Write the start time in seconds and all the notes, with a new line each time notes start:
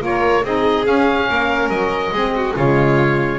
0.00 A#3 F4 A#4 C#5
0.45 C4 D#4 G#4 D#5
0.84 C#4 F5
1.29 A#3 A#4
1.69 F#3 D#5
2.12 G#3 C4 G#4
2.36 F#4
2.56 C#3 G#3 F4 C#5